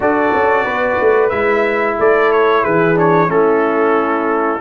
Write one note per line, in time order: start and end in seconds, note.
0.00 0.32 D4
0.00 1.31 F#4
0.00 0.64 A4
0.00 1.29 D5
0.33 0.64 C#4
0.64 0.97 B3
0.64 1.96 B4
1.00 1.31 A3
1.29 1.97 G#3
1.29 2.95 E4
1.29 1.95 E5
1.98 2.64 A3
1.98 2.62 A4
1.98 2.32 D5
2.32 2.64 C#5
2.62 3.29 E3
2.62 3.28 G#4
2.62 2.97 B4
2.95 3.27 D4
2.95 3.30 C#5
3.27 4.60 A3
3.27 4.59 C#4
3.27 4.60 E4
3.27 4.60 A4